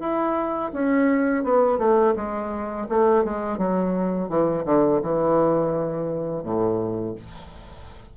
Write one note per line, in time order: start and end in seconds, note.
0.00 0.71 E4
0.73 1.44 C#4
1.44 1.79 B3
1.79 2.14 A3
2.16 2.87 G#3
2.89 3.24 A3
3.24 3.58 G#3
3.58 4.29 F#3
4.29 4.65 E3
4.65 5.01 D3
5.02 6.44 E3
6.44 7.15 A2